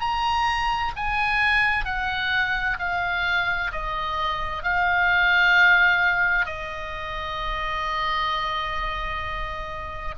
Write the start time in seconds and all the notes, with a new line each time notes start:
0.00 A#5
0.96 G#5
1.85 F#5
2.79 F5
3.72 D#5
4.63 F5
6.45 D#5